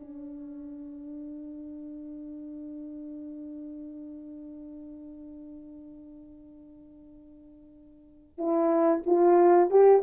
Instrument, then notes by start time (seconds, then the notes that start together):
horn
0.00 D4
8.38 E4
9.06 F4
9.70 G4